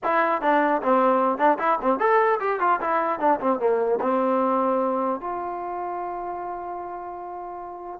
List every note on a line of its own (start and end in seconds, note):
0.03 0.41 E4
0.41 0.81 D4
0.82 1.38 C4
1.38 1.58 D4
1.58 1.78 E4
1.81 1.99 C4
1.99 2.39 A4
2.40 2.59 G4
2.59 2.79 F4
2.80 3.19 E4
3.19 3.39 D4
3.39 3.59 C4
3.59 3.99 A#3
4.00 5.20 C4
5.20 8.00 F4